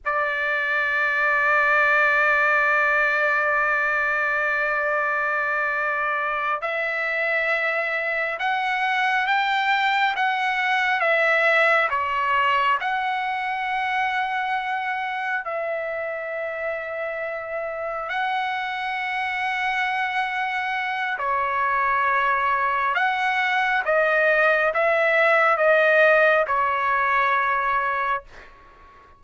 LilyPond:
\new Staff \with { instrumentName = "trumpet" } { \time 4/4 \tempo 4 = 68 d''1~ | d''2.~ d''8 e''8~ | e''4. fis''4 g''4 fis''8~ | fis''8 e''4 cis''4 fis''4.~ |
fis''4. e''2~ e''8~ | e''8 fis''2.~ fis''8 | cis''2 fis''4 dis''4 | e''4 dis''4 cis''2 | }